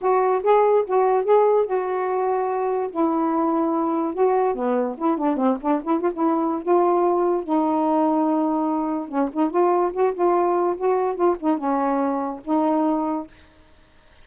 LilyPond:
\new Staff \with { instrumentName = "saxophone" } { \time 4/4 \tempo 4 = 145 fis'4 gis'4 fis'4 gis'4 | fis'2. e'4~ | e'2 fis'4 b4 | e'8 d'8 c'8 d'8 e'8 f'16 e'4~ e'16 |
f'2 dis'2~ | dis'2 cis'8 dis'8 f'4 | fis'8 f'4. fis'4 f'8 dis'8 | cis'2 dis'2 | }